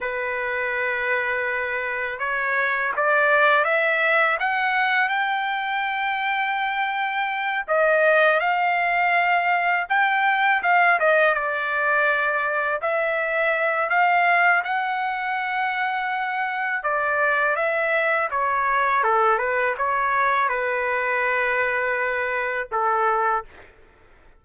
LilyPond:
\new Staff \with { instrumentName = "trumpet" } { \time 4/4 \tempo 4 = 82 b'2. cis''4 | d''4 e''4 fis''4 g''4~ | g''2~ g''8 dis''4 f''8~ | f''4. g''4 f''8 dis''8 d''8~ |
d''4. e''4. f''4 | fis''2. d''4 | e''4 cis''4 a'8 b'8 cis''4 | b'2. a'4 | }